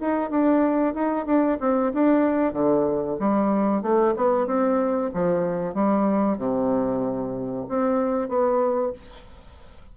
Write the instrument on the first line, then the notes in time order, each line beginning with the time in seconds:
bassoon
0.00 D#4
0.30 D4
0.94 D#4
1.25 D4
1.60 C4
1.94 D4
2.53 D3
3.19 G3
3.82 A3
4.16 B3
4.47 C4
5.14 F3
5.74 G3
6.38 C3
7.68 C4
8.28 B3